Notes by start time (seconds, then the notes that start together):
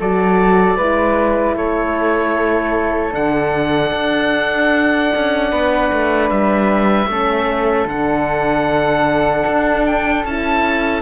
0.00 F#3 F#4 A4 D5
0.77 G#3 E4 B4
1.56 A3 A4 C#5
3.12 D3 D4 F#5
3.92 D4
5.16 C#4
5.51 B3 B4
5.93 A3
6.30 G3 E5
7.07 A3 C#4 A4
7.86 D3 D4 F#5
9.47 D4
9.86 G5
10.26 C#4 E4 A5